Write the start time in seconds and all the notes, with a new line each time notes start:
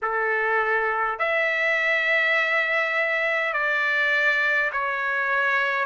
0.02 A4
1.18 E5
3.53 D5
4.72 C#5